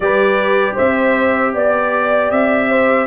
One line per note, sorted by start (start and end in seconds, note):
0.00 0.75 G3
0.00 3.06 G4
0.00 0.74 B4
0.00 0.76 D5
0.74 1.54 C4
0.74 1.51 C5
0.74 1.54 E5
1.54 2.31 B3
1.54 2.69 D5
1.54 2.31 D5
2.31 3.06 C4
2.31 3.06 E5
2.69 3.06 C5